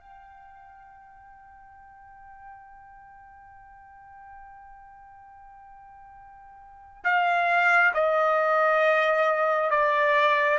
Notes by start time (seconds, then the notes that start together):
0.00 G5
7.04 F5
7.94 D#5
9.71 D5